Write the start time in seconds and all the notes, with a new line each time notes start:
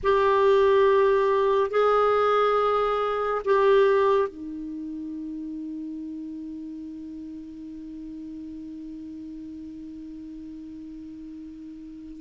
0.03 G4
1.70 G#4
3.44 G4
4.28 D#4